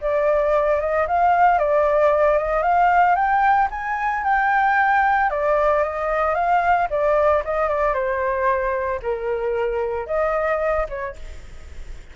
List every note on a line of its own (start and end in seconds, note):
0.00 0.80 D5
0.80 1.06 D#5
1.07 1.58 F5
1.58 2.37 D5
2.37 2.62 D#5
2.62 3.15 F5
3.15 3.68 G5
3.70 4.23 G#5
4.24 5.30 G5
5.30 5.83 D5
5.83 6.34 D#5
6.34 6.87 F5
6.90 7.43 D5
7.44 7.68 D#5
7.68 7.93 D5
7.93 9.00 C5
9.02 10.06 A#4
10.06 10.86 D#5
10.89 11.15 C#5